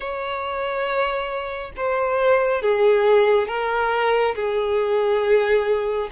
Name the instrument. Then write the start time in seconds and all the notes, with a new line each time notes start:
violin
0.00 C#5
1.76 C5
2.62 G#4
3.47 A#4
4.35 G#4